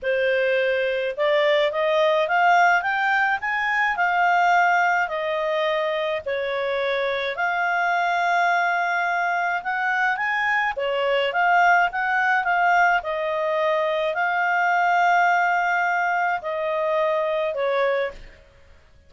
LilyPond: \new Staff \with { instrumentName = "clarinet" } { \time 4/4 \tempo 4 = 106 c''2 d''4 dis''4 | f''4 g''4 gis''4 f''4~ | f''4 dis''2 cis''4~ | cis''4 f''2.~ |
f''4 fis''4 gis''4 cis''4 | f''4 fis''4 f''4 dis''4~ | dis''4 f''2.~ | f''4 dis''2 cis''4 | }